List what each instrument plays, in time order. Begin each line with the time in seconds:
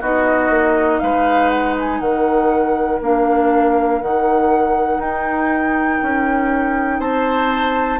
0.00 bassoon B3, clarinet D#4, oboe F#4, flute D#5
0.49 bassoon A#3
0.99 bassoon G#3, oboe B4, flute F5
1.49 flute F#5
1.79 flute G#5
2.00 bassoon D#3, oboe A#4, flute F#5
3.01 bassoon A#3, clarinet D4, flute F5
4.01 bassoon D#3, clarinet D#4, flute F#5
4.98 bassoon D#4, flute G5
6.02 bassoon C#4
6.99 bassoon C4, oboe C5, flute A5